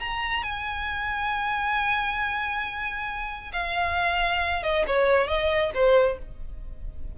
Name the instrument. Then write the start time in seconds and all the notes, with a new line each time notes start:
violin
0.00 A#5
0.43 G#5
3.53 F5
4.63 D#5
4.87 C#5
5.28 D#5
5.75 C5